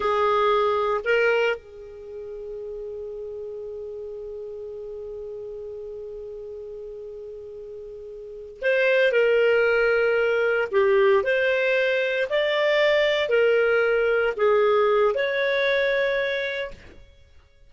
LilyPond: \new Staff \with { instrumentName = "clarinet" } { \time 4/4 \tempo 4 = 115 gis'2 ais'4 gis'4~ | gis'1~ | gis'1~ | gis'1~ |
gis'8 c''4 ais'2~ ais'8~ | ais'8 g'4 c''2 d''8~ | d''4. ais'2 gis'8~ | gis'4 cis''2. | }